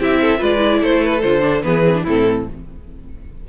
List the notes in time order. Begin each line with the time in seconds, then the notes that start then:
0.00 C4 E4 G4 E5
0.21 A4
0.39 G#3 F4 B4 D5
0.58 E4
0.82 A3 A4 C5
1.04 B4
1.22 D3 F4 C5
1.41 D4
1.63 E3 B3 G#4 B4
1.86 C4
1.95 D4
2.04 A2 C4 E4 A4